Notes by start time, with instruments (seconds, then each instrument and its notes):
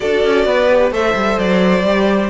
0.00 cello D4, viola F#4, violin A4 D5
0.24 cello C#4
0.45 cello B3, violin B4
0.70 viola G4
0.91 cello A3, viola A4, violin C5 E5
1.14 cello G3
1.38 cello F#3, violin D5
1.83 cello G3, viola G4